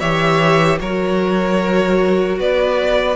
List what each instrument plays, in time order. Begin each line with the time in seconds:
0.00 cello E3, viola G4, violin C#5 E5
0.79 cello F#3, viola F#4, violin A#4 C#5
2.39 cello B3, violin B4 D5